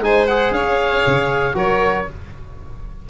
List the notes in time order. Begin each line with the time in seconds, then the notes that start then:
0.00 G#3 D#4 C5 G#5
0.27 G#4 F#5
0.51 C#4 C#5 F5
1.07 C#3
1.54 F#3 F#4 A#4 C#5